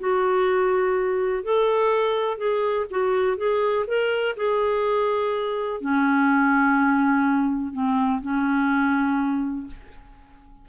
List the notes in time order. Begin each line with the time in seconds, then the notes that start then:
0.00 F#4
1.44 A4
2.38 G#4
2.91 F#4
3.37 G#4
3.88 A#4
4.37 G#4
5.81 C#4
7.73 C4
8.22 C#4